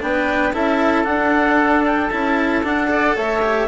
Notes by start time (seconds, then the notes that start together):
0.00 B3 D4 B4 G5
0.53 C#4 E4 A4 E5
1.04 D4 F#5
1.85 G5
2.09 C#4 E4 A5
2.64 D4 F#5
2.87 A4 D5
3.16 A3 C#5 E5
3.42 G4